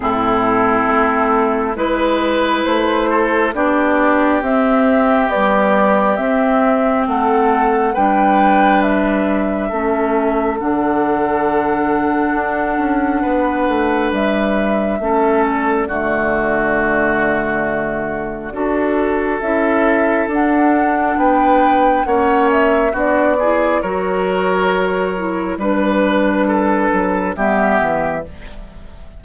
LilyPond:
<<
  \new Staff \with { instrumentName = "flute" } { \time 4/4 \tempo 4 = 68 a'2 b'4 c''4 | d''4 e''4 d''4 e''4 | fis''4 g''4 e''2 | fis''1 |
e''4. d''2~ d''8~ | d''2 e''4 fis''4 | g''4 fis''8 e''8 d''4 cis''4~ | cis''4 b'2 e''4 | }
  \new Staff \with { instrumentName = "oboe" } { \time 4/4 e'2 b'4. a'8 | g'1 | a'4 b'2 a'4~ | a'2. b'4~ |
b'4 a'4 fis'2~ | fis'4 a'2. | b'4 cis''4 fis'8 gis'8 ais'4~ | ais'4 b'4 a'4 g'4 | }
  \new Staff \with { instrumentName = "clarinet" } { \time 4/4 c'2 e'2 | d'4 c'4 g4 c'4~ | c'4 d'2 cis'4 | d'1~ |
d'4 cis'4 a2~ | a4 fis'4 e'4 d'4~ | d'4 cis'4 d'8 e'8 fis'4~ | fis'8 e'8 d'2 b4 | }
  \new Staff \with { instrumentName = "bassoon" } { \time 4/4 a,4 a4 gis4 a4 | b4 c'4 b4 c'4 | a4 g2 a4 | d2 d'8 cis'8 b8 a8 |
g4 a4 d2~ | d4 d'4 cis'4 d'4 | b4 ais4 b4 fis4~ | fis4 g4. fis8 g8 e8 | }
>>